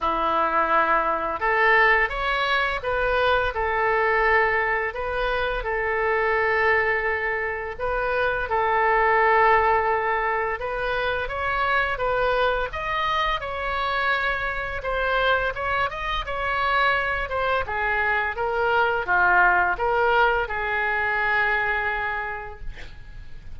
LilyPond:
\new Staff \with { instrumentName = "oboe" } { \time 4/4 \tempo 4 = 85 e'2 a'4 cis''4 | b'4 a'2 b'4 | a'2. b'4 | a'2. b'4 |
cis''4 b'4 dis''4 cis''4~ | cis''4 c''4 cis''8 dis''8 cis''4~ | cis''8 c''8 gis'4 ais'4 f'4 | ais'4 gis'2. | }